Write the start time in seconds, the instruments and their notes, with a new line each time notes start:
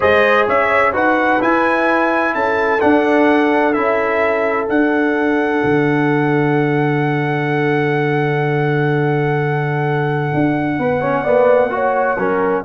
0.00 tuba G#3, trombone G#4, horn C5, trumpet D#5
0.46 tuba C#4, horn C#5, trumpet E5
0.93 tuba D#4, trombone F#4, horn B4, trumpet F#5
1.40 trombone E4, tuba E4, trumpet G#5
2.34 tuba C#4, horn A4, trumpet A5
2.79 trombone D4, tuba D4, trumpet F#5
3.73 tuba C#4, trombone E4, trumpet E5
4.67 trombone D4, tuba D4, trumpet F#5
5.64 tuba D3
10.34 tuba D4
10.77 tuba B3, horn B4
11.00 trombone C#4, horn C#5
11.23 tuba A#3, trombone B3, horn D5
11.70 trombone F#4, horn C#5
12.17 tuba F#3, trombone C#4, horn A#4